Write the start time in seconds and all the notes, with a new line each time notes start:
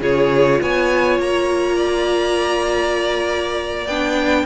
0.00 C#3 F4 G#4 C#5
0.61 B3 C#5 G#5
1.19 A#3 A#5
1.76 D5
3.86 B3 D4 G5